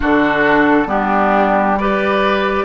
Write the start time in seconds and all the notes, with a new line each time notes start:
0.00 D3 D4 F#4 A4
0.85 G3 B3 D4 G4
1.78 G4 B4 D5